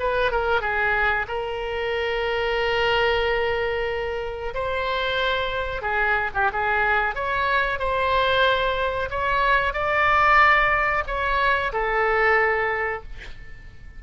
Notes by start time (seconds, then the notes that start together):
0.00 B4
0.32 A#4
0.61 G#4
1.28 A#4
4.55 C5
5.82 G#4
6.35 G4
6.53 G#4
7.16 C#5
7.80 C5
9.11 C#5
9.74 D5
11.08 C#5
11.73 A4